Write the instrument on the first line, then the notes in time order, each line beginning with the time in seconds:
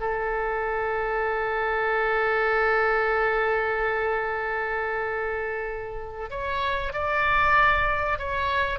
oboe
0.00 A4
6.30 C#5
6.93 D5
8.19 C#5